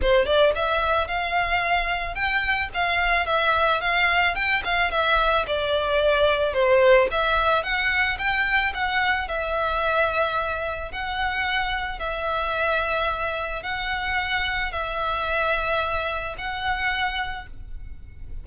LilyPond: \new Staff \with { instrumentName = "violin" } { \time 4/4 \tempo 4 = 110 c''8 d''8 e''4 f''2 | g''4 f''4 e''4 f''4 | g''8 f''8 e''4 d''2 | c''4 e''4 fis''4 g''4 |
fis''4 e''2. | fis''2 e''2~ | e''4 fis''2 e''4~ | e''2 fis''2 | }